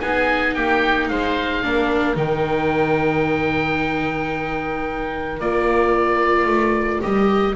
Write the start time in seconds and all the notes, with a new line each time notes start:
0.00 B3 D#4 G#4 G#5
0.54 A#3 G4 G5
1.08 G#3 C5 F5
1.63 A#3 D4 A#4
2.15 D#3 D#4 G5
5.40 A#3 F4 D5
6.46 A3
7.01 G3 G4 D#5